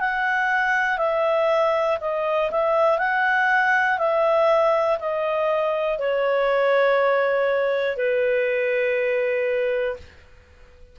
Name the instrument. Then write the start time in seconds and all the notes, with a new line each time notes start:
clarinet
0.00 F#5
0.98 E5
2.01 D#5
2.51 E5
2.99 F#5
3.99 E5
5.00 D#5
5.99 C#5
7.97 B4